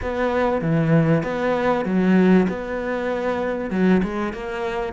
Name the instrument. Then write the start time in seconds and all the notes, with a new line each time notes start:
cello
0.01 B3
0.61 E3
1.23 B3
1.85 F#3
2.49 B3
3.70 F#3
4.03 G#3
4.33 A#3